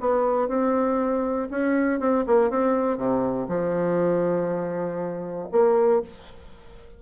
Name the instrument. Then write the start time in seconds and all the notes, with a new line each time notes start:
bassoon
0.00 B3
0.48 C4
1.50 C#4
2.00 C4
2.27 A#3
2.50 C4
2.97 C3
3.48 F3
5.52 A#3